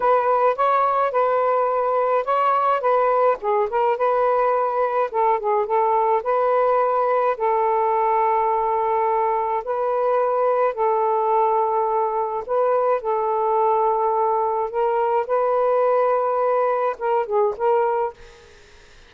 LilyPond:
\new Staff \with { instrumentName = "saxophone" } { \time 4/4 \tempo 4 = 106 b'4 cis''4 b'2 | cis''4 b'4 gis'8 ais'8 b'4~ | b'4 a'8 gis'8 a'4 b'4~ | b'4 a'2.~ |
a'4 b'2 a'4~ | a'2 b'4 a'4~ | a'2 ais'4 b'4~ | b'2 ais'8 gis'8 ais'4 | }